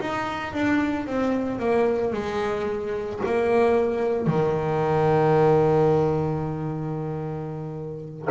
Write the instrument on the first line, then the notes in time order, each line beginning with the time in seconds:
double bass
0.00 D#4
0.53 D4
1.07 C4
1.59 A#3
2.13 G#3
3.26 A#3
4.27 D#3